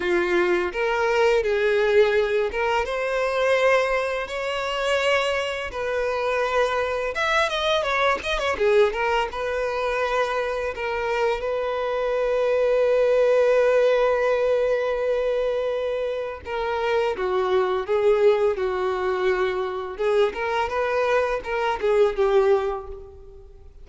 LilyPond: \new Staff \with { instrumentName = "violin" } { \time 4/4 \tempo 4 = 84 f'4 ais'4 gis'4. ais'8 | c''2 cis''2 | b'2 e''8 dis''8 cis''8 dis''16 cis''16 | gis'8 ais'8 b'2 ais'4 |
b'1~ | b'2. ais'4 | fis'4 gis'4 fis'2 | gis'8 ais'8 b'4 ais'8 gis'8 g'4 | }